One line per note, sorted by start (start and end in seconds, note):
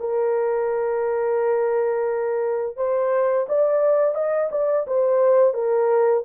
0.00 2.77 A#4
2.77 3.47 C5
3.49 4.15 D5
4.15 4.50 D#5
4.52 4.86 D5
4.87 5.54 C5
5.54 6.24 A#4